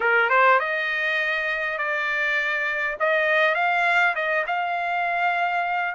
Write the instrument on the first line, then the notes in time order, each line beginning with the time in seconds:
trumpet
0.00 A#4
0.29 C5
0.59 D#5
1.78 D5
2.99 D#5
3.55 F5
4.15 D#5
4.47 F5